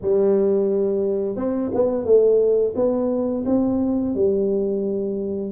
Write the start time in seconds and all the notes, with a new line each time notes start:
0.01 G3
1.35 C4
1.74 B3
2.05 A3
2.75 B3
3.45 C4
4.14 G3